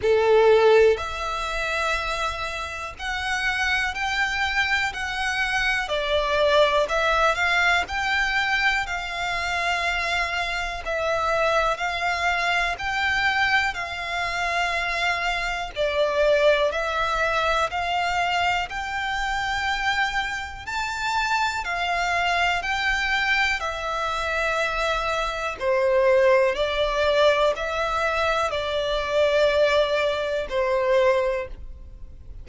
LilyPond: \new Staff \with { instrumentName = "violin" } { \time 4/4 \tempo 4 = 61 a'4 e''2 fis''4 | g''4 fis''4 d''4 e''8 f''8 | g''4 f''2 e''4 | f''4 g''4 f''2 |
d''4 e''4 f''4 g''4~ | g''4 a''4 f''4 g''4 | e''2 c''4 d''4 | e''4 d''2 c''4 | }